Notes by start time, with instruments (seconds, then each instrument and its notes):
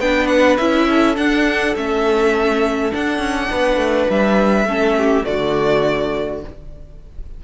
0.00 cello B3, viola D4, violin B4 G5
0.28 violin F#5
0.58 cello C#4, viola E4, violin E5
0.90 violin A4
1.16 viola D4, cello D4, violin F#5
1.76 cello A3, viola C#4, violin E5
2.92 viola D4, cello D4, violin F#5
3.19 cello C#4
3.51 cello B3, violin B4
3.77 cello A3
4.10 cello G3, violin E5
4.65 cello A3, viola C#4, violin A4
4.98 violin G4
5.24 cello D3, viola A3, violin F#4 D5